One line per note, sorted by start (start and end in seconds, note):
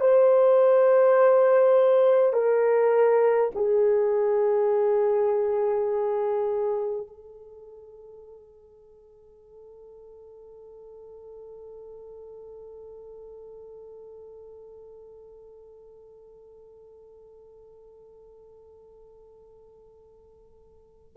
0.00 2.33 C5
2.33 3.51 A#4
3.55 7.07 G#4
7.07 21.17 A4